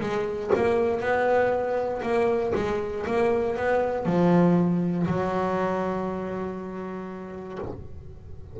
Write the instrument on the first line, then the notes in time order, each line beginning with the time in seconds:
double bass
0.00 G#3
0.55 A#3
1.00 B3
2.02 A#3
2.55 G#3
3.06 A#3
3.56 B3
4.05 F3
5.06 F#3